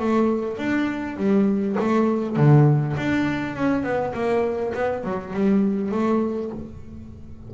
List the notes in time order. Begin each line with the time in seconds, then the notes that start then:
0.00 A3
0.58 D4
1.17 G3
1.79 A3
2.37 D3
2.98 D4
3.56 C#4
3.84 B3
4.14 A#3
4.75 B3
5.04 F#3
5.34 G3
5.92 A3